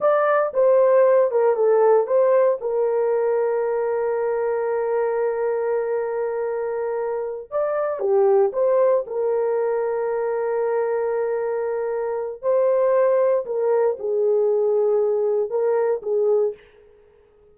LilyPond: \new Staff \with { instrumentName = "horn" } { \time 4/4 \tempo 4 = 116 d''4 c''4. ais'8 a'4 | c''4 ais'2.~ | ais'1~ | ais'2~ ais'8 d''4 g'8~ |
g'8 c''4 ais'2~ ais'8~ | ais'1 | c''2 ais'4 gis'4~ | gis'2 ais'4 gis'4 | }